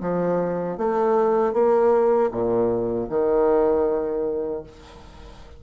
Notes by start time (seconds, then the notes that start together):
0.00 F3
0.77 A3
1.53 A#3
2.31 A#2
3.09 D#3